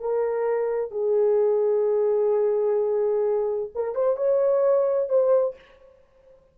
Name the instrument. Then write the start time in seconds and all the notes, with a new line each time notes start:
horn
0.00 A#4
0.91 G#4
3.75 A#4
3.95 C5
4.17 C#5
5.09 C5